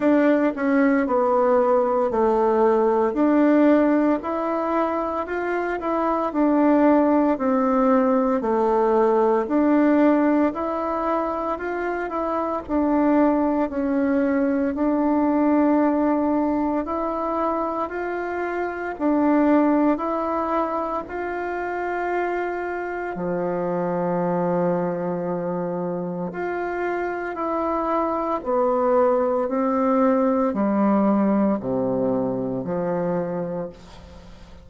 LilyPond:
\new Staff \with { instrumentName = "bassoon" } { \time 4/4 \tempo 4 = 57 d'8 cis'8 b4 a4 d'4 | e'4 f'8 e'8 d'4 c'4 | a4 d'4 e'4 f'8 e'8 | d'4 cis'4 d'2 |
e'4 f'4 d'4 e'4 | f'2 f2~ | f4 f'4 e'4 b4 | c'4 g4 c4 f4 | }